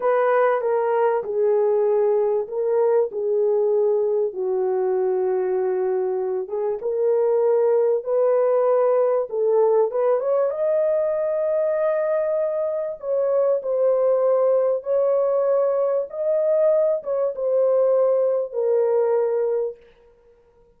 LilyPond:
\new Staff \with { instrumentName = "horn" } { \time 4/4 \tempo 4 = 97 b'4 ais'4 gis'2 | ais'4 gis'2 fis'4~ | fis'2~ fis'8 gis'8 ais'4~ | ais'4 b'2 a'4 |
b'8 cis''8 dis''2.~ | dis''4 cis''4 c''2 | cis''2 dis''4. cis''8 | c''2 ais'2 | }